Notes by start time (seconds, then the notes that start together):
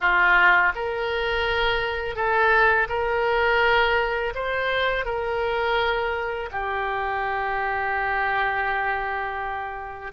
0.00 F4
0.75 A#4
2.15 A4
2.88 A#4
4.34 C5
5.05 A#4
6.51 G4